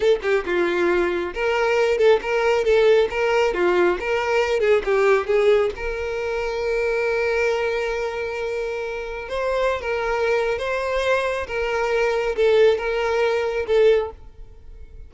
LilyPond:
\new Staff \with { instrumentName = "violin" } { \time 4/4 \tempo 4 = 136 a'8 g'8 f'2 ais'4~ | ais'8 a'8 ais'4 a'4 ais'4 | f'4 ais'4. gis'8 g'4 | gis'4 ais'2.~ |
ais'1~ | ais'4 c''4~ c''16 ais'4.~ ais'16 | c''2 ais'2 | a'4 ais'2 a'4 | }